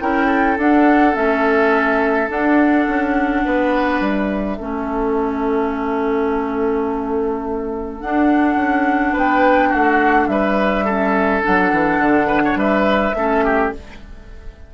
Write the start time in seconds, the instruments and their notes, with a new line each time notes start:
0.00 bassoon C#4, clarinet E4, oboe A#4, flute G5
0.27 oboe A4
0.58 bassoon D4, clarinet D4, flute F#5
1.14 bassoon A3, clarinet C#4, flute E5
2.29 clarinet D4, bassoon D4, flute F#5
2.88 bassoon C#4
3.45 bassoon B3, oboe B4
4.01 bassoon G3, flute E5
4.58 bassoon A3, clarinet C#4, oboe A4
8.01 clarinet D4, bassoon D4, flute F#5
8.56 bassoon C#4
9.13 bassoon B3, oboe B4, flute G5
9.69 bassoon A3, oboe F#4, flute F#5
10.28 bassoon G3, oboe B4, flute E5
10.85 clarinet C#4, oboe A4
11.42 bassoon F#3, clarinet D4, flute F#5
11.72 bassoon E3
11.99 bassoon D3
12.27 oboe B4
12.45 oboe C#5
12.56 bassoon G3, oboe B4, flute E5
13.15 bassoon A3, clarinet C#4, oboe A4
13.45 oboe G4